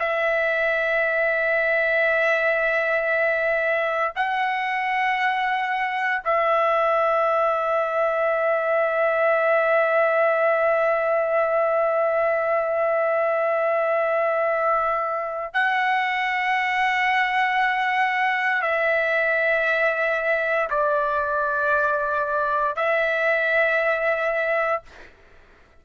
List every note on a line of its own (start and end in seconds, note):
0.00 4.14 E5
4.16 6.23 F#5
6.24 15.54 E5
15.54 18.62 F#5
18.62 20.69 E5
20.70 22.76 D5
22.76 24.83 E5